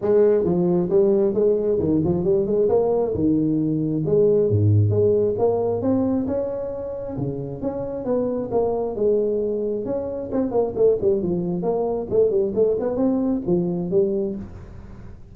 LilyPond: \new Staff \with { instrumentName = "tuba" } { \time 4/4 \tempo 4 = 134 gis4 f4 g4 gis4 | dis8 f8 g8 gis8 ais4 dis4~ | dis4 gis4 gis,4 gis4 | ais4 c'4 cis'2 |
cis4 cis'4 b4 ais4 | gis2 cis'4 c'8 ais8 | a8 g8 f4 ais4 a8 g8 | a8 b8 c'4 f4 g4 | }